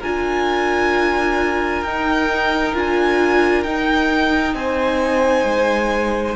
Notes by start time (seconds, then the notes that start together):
0.00 D4 F4 A#4 G#5
1.82 D#4 G5
2.74 D4 F4 G#5
3.63 D#4 G5
4.54 C4 C5 G#5
5.44 G#3